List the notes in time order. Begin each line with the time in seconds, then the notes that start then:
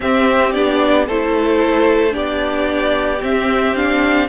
0.00 C4 G4 E5
0.52 B3 D4 D5
1.07 A3 E4 A4 C5
2.10 B3 D4 G4 D5
3.21 C4 E5
3.75 D4 F5